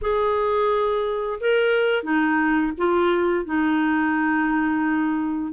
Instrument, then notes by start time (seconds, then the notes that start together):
clarinet
0.01 G#4
1.40 A#4
2.03 D#4
2.77 F4
3.45 D#4